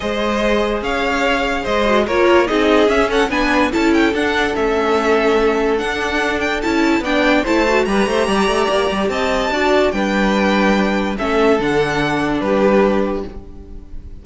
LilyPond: <<
  \new Staff \with { instrumentName = "violin" } { \time 4/4 \tempo 4 = 145 dis''2 f''2 | dis''4 cis''4 dis''4 e''8 fis''8 | gis''4 a''8 g''8 fis''4 e''4~ | e''2 fis''4. g''8 |
a''4 g''4 a''4 ais''4~ | ais''2 a''2 | g''2. e''4 | fis''2 b'2 | }
  \new Staff \with { instrumentName = "violin" } { \time 4/4 c''2 cis''2 | c''4 ais'4 gis'4. a'8 | b'4 a'2.~ | a'1~ |
a'4 d''4 c''4 b'8 c''8 | d''2 dis''4 d''4 | b'2. a'4~ | a'2 g'2 | }
  \new Staff \with { instrumentName = "viola" } { \time 4/4 gis'1~ | gis'8 fis'8 f'4 dis'4 cis'4 | d'4 e'4 d'4 cis'4~ | cis'2 d'2 |
e'4 d'4 e'8 fis'8 g'4~ | g'2. fis'4 | d'2. cis'4 | d'1 | }
  \new Staff \with { instrumentName = "cello" } { \time 4/4 gis2 cis'2 | gis4 ais4 c'4 cis'4 | b4 cis'4 d'4 a4~ | a2 d'2 |
cis'4 b4 a4 g8 a8 | g8 a8 ais8 g8 c'4 d'4 | g2. a4 | d2 g2 | }
>>